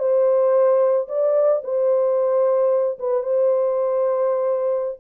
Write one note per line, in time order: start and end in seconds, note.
0.00 1.08 C5
1.09 1.63 D5
1.64 2.99 C5
3.00 3.23 B4
3.23 4.99 C5